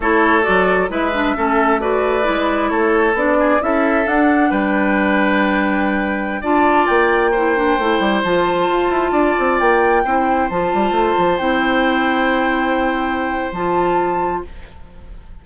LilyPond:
<<
  \new Staff \with { instrumentName = "flute" } { \time 4/4 \tempo 4 = 133 cis''4 d''4 e''2 | d''2 cis''4 d''4 | e''4 fis''4 g''2~ | g''2~ g''16 a''4 g''8.~ |
g''2~ g''16 a''4.~ a''16~ | a''4~ a''16 g''2 a''8.~ | a''4~ a''16 g''2~ g''8.~ | g''2 a''2 | }
  \new Staff \with { instrumentName = "oboe" } { \time 4/4 a'2 b'4 a'4 | b'2 a'4. gis'8 | a'2 b'2~ | b'2~ b'16 d''4.~ d''16~ |
d''16 c''2.~ c''8.~ | c''16 d''2 c''4.~ c''16~ | c''1~ | c''1 | }
  \new Staff \with { instrumentName = "clarinet" } { \time 4/4 e'4 fis'4 e'8 d'8 cis'4 | fis'4 e'2 d'4 | e'4 d'2.~ | d'2~ d'16 f'4.~ f'16~ |
f'16 e'8 d'8 e'4 f'4.~ f'16~ | f'2~ f'16 e'4 f'8.~ | f'4~ f'16 e'2~ e'8.~ | e'2 f'2 | }
  \new Staff \with { instrumentName = "bassoon" } { \time 4/4 a4 fis4 gis4 a4~ | a4 gis4 a4 b4 | cis'4 d'4 g2~ | g2~ g16 d'4 ais8.~ |
ais4~ ais16 a8 g8 f4 f'8 e'16~ | e'16 d'8 c'8 ais4 c'4 f8 g16~ | g16 a8 f8 c'2~ c'8.~ | c'2 f2 | }
>>